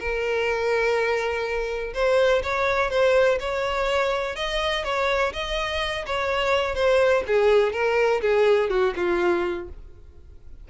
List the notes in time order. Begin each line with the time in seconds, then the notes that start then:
0.00 A#4
1.94 C5
2.43 C#5
2.91 C5
3.40 C#5
4.36 D#5
4.84 C#5
5.33 D#5
6.07 C#5
6.75 C5
7.27 G#4
7.73 A#4
8.22 G#4
8.70 F#4
8.96 F4